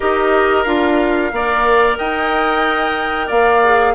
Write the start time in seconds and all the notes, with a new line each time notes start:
0.00 D#4 G4 A#4 D#5
0.63 D4 F4 F5
1.31 A#3 A#4 D5
1.98 D#4 D#5 G5
3.27 A#3 D5 F5
3.64 G#4